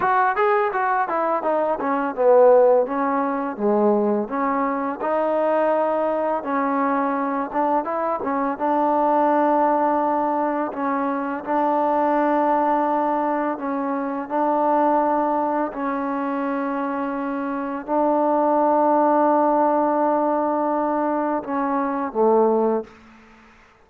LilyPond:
\new Staff \with { instrumentName = "trombone" } { \time 4/4 \tempo 4 = 84 fis'8 gis'8 fis'8 e'8 dis'8 cis'8 b4 | cis'4 gis4 cis'4 dis'4~ | dis'4 cis'4. d'8 e'8 cis'8 | d'2. cis'4 |
d'2. cis'4 | d'2 cis'2~ | cis'4 d'2.~ | d'2 cis'4 a4 | }